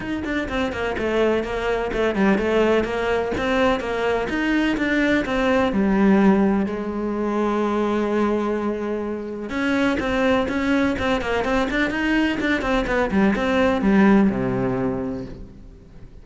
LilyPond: \new Staff \with { instrumentName = "cello" } { \time 4/4 \tempo 4 = 126 dis'8 d'8 c'8 ais8 a4 ais4 | a8 g8 a4 ais4 c'4 | ais4 dis'4 d'4 c'4 | g2 gis2~ |
gis1 | cis'4 c'4 cis'4 c'8 ais8 | c'8 d'8 dis'4 d'8 c'8 b8 g8 | c'4 g4 c2 | }